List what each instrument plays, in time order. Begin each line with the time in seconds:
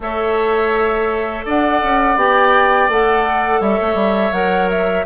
0.00 bassoon A3, clarinet A4, oboe C#5, flute E5
1.45 bassoon D4, oboe D5, flute F#5
1.82 bassoon C#4
2.16 bassoon B3, clarinet G4, flute G5
2.88 bassoon A3, clarinet A4, flute F#5
3.60 bassoon G3, oboe C#5, flute E5
3.80 bassoon A3
3.94 bassoon G3
4.32 bassoon F#3, clarinet A#4, flute F#5
4.69 flute E5